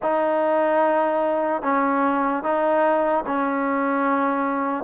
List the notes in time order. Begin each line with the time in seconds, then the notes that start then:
0.02 D#4
1.62 C#4
2.43 D#4
3.26 C#4